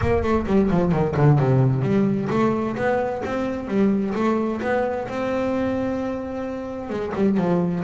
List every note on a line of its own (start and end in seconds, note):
0.01 0.22 A#3
0.22 0.45 A3
0.46 0.69 G3
0.70 0.92 F3
0.92 1.15 D#3
1.16 1.38 D3
1.38 1.82 C3
1.82 2.28 G3
2.30 2.76 A3
2.76 3.22 B3
3.25 3.67 C4
3.67 4.13 G3
4.14 4.60 A3
4.61 5.07 B3
5.08 6.89 C4
6.89 7.12 G#3
7.14 7.37 G3
7.37 7.83 F3